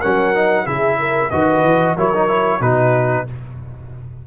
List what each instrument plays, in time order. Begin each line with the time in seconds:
0.00 tuba F#3, trombone C#4, horn A#4, trumpet F#5
0.34 trombone D#4
0.65 tuba C#3, trombone E4, horn G#4, trumpet E5
0.99 horn A#4
1.30 tuba D#3, trombone F#4, horn B4, trumpet D#5
1.62 tuba E3
1.96 tuba F#3, trombone E4, horn A#4, trumpet C#5
2.14 trombone D#4
2.28 trombone E4
2.60 tuba B2, trombone D#4, horn F#4, trumpet B4